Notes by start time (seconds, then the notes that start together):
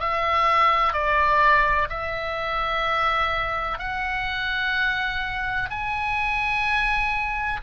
0.00 E5
0.93 D5
1.90 E5
3.79 F#5
5.71 G#5